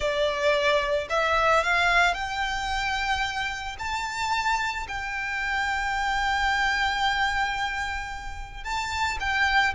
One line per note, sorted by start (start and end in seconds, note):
0.00 1.07 D5
1.09 1.63 E5
1.63 2.14 F5
2.14 3.76 G5
3.78 4.86 A5
4.88 8.64 G5
8.64 9.18 A5
9.20 9.74 G5